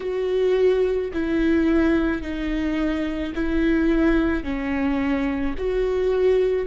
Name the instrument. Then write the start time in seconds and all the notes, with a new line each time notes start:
viola
0.00 F#4
1.13 E4
2.22 D#4
3.34 E4
4.43 C#4
5.58 F#4